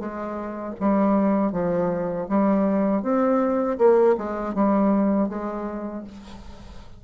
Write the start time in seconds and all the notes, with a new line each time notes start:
0.00 G#3
0.80 G3
1.52 F3
2.29 G3
3.03 C4
3.78 A#3
4.18 G#3
4.55 G3
5.29 G#3